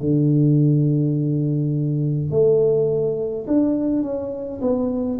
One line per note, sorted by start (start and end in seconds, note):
0.00 2.30 D3
2.30 3.46 A3
3.47 4.02 D4
4.02 4.60 C#4
4.61 5.19 B3